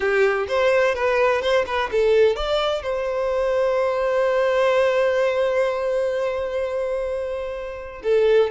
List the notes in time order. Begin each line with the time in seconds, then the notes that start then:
0.00 G4
0.48 C5
0.94 B4
1.41 C5
1.66 B4
1.91 A4
2.35 D5
2.82 C5
8.03 A4